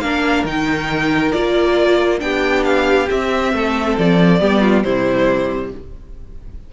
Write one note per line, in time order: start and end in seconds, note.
0.00 0.44 A#3
0.00 0.47 D4
0.00 2.23 A#4
0.00 0.44 F5
0.44 1.32 D#3
0.44 1.33 D#4
0.44 1.32 G5
1.32 2.22 A#3
1.32 2.19 F4
1.32 2.20 D5
2.19 3.09 B3
2.19 3.07 D4
2.19 3.54 G4
2.19 2.64 G5
2.65 3.08 F5
3.10 3.53 C4
3.10 4.41 C4
3.10 3.98 E5
3.53 3.97 A3
3.53 4.41 A4
3.98 4.41 F3
3.98 4.83 D5
4.41 4.84 G3
4.41 4.84 B3
4.41 4.62 G4
4.62 4.84 F4
4.83 5.72 C3
4.83 5.73 G3
4.83 5.72 E4
4.83 5.71 C5